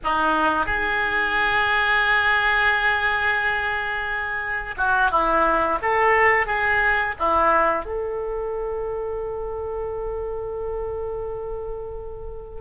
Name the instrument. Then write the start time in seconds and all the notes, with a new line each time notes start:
oboe
0.04 D#4
0.66 G#4
4.77 F#4
5.10 E4
5.81 A4
6.46 G#4
7.19 E4
7.85 A4